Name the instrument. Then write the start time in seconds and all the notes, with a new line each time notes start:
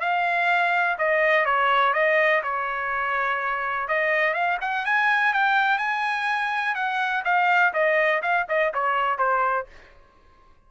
trumpet
0.00 F5
0.98 D#5
1.45 C#5
1.93 D#5
2.43 C#5
3.88 D#5
4.33 F5
4.61 F#5
4.85 G#5
5.33 G5
5.78 G#5
6.75 F#5
7.24 F5
7.73 D#5
8.22 F5
8.48 D#5
8.74 C#5
9.18 C5